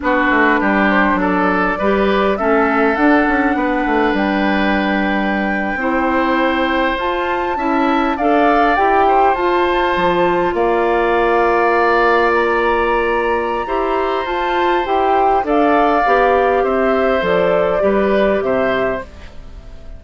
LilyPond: <<
  \new Staff \with { instrumentName = "flute" } { \time 4/4 \tempo 4 = 101 b'4. c''8 d''2 | e''4 fis''2 g''4~ | g''2.~ g''8. a''16~ | a''4.~ a''16 f''4 g''4 a''16~ |
a''4.~ a''16 f''2~ f''16~ | f''8. ais''2.~ ais''16 | a''4 g''4 f''2 | e''4 d''2 e''4 | }
  \new Staff \with { instrumentName = "oboe" } { \time 4/4 fis'4 g'4 a'4 b'4 | a'2 b'2~ | b'4.~ b'16 c''2~ c''16~ | c''8. e''4 d''4. c''8.~ |
c''4.~ c''16 d''2~ d''16~ | d''2. c''4~ | c''2 d''2 | c''2 b'4 c''4 | }
  \new Staff \with { instrumentName = "clarinet" } { \time 4/4 d'2. g'4 | cis'4 d'2.~ | d'4.~ d'16 e'2 f'16~ | f'8. e'4 a'4 g'4 f'16~ |
f'1~ | f'2. g'4 | f'4 g'4 a'4 g'4~ | g'4 a'4 g'2 | }
  \new Staff \with { instrumentName = "bassoon" } { \time 4/4 b8 a8 g4 fis4 g4 | a4 d'8 cis'8 b8 a8 g4~ | g4.~ g16 c'2 f'16~ | f'8. cis'4 d'4 e'4 f'16~ |
f'8. f4 ais2~ ais16~ | ais2. e'4 | f'4 e'4 d'4 b4 | c'4 f4 g4 c4 | }
>>